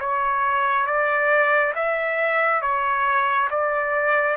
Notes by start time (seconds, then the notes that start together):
0.00 C#5
0.87 D5
1.75 E5
2.62 C#5
3.51 D5